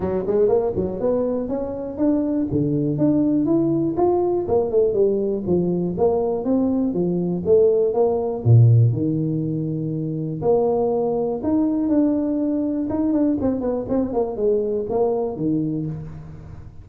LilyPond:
\new Staff \with { instrumentName = "tuba" } { \time 4/4 \tempo 4 = 121 fis8 gis8 ais8 fis8 b4 cis'4 | d'4 d4 d'4 e'4 | f'4 ais8 a8 g4 f4 | ais4 c'4 f4 a4 |
ais4 ais,4 dis2~ | dis4 ais2 dis'4 | d'2 dis'8 d'8 c'8 b8 | c'8 ais8 gis4 ais4 dis4 | }